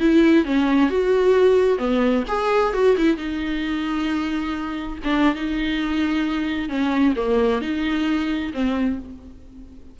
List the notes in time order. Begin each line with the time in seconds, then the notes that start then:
0.00 E4
0.45 C#4
0.90 F#4
1.79 B3
2.28 G#4
2.74 F#4
2.97 E4
3.17 D#4
5.04 D4
5.35 D#4
6.69 C#4
7.16 A#3
7.62 D#4
8.54 C4